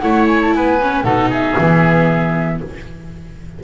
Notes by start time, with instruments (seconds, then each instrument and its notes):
0.00 double bass A3, viola E4, oboe C#5, flute F#5
0.27 flute G#5
0.42 flute A5
0.54 double bass B3, oboe B4, flute G#5
0.82 viola C#4
1.04 double bass B2, viola D#4, oboe A4, flute F#5
1.30 oboe G#4, flute E5
1.58 double bass E3, viola B3